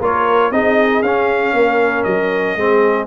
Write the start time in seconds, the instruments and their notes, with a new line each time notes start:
0.00 tuba A#3, trombone F4, horn A#4, trumpet C#5
0.51 tuba C4, trombone D#4, horn G#4, trumpet D#5
1.02 tuba C#4, trombone C#4, trumpet F5
1.54 tuba A#3, horn A#4
2.04 tuba F#3, trumpet D#5
2.56 tuba G#3, trombone C4, horn G#4